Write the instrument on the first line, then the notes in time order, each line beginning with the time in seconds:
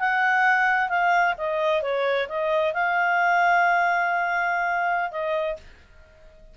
clarinet
0.00 F#5
0.89 F5
1.38 D#5
1.82 C#5
2.29 D#5
2.74 F5
5.12 D#5